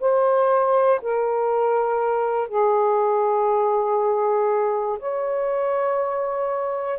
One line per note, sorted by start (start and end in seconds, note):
0.00 1.00 C5
1.02 2.48 A#4
2.48 4.98 G#4
4.99 6.99 C#5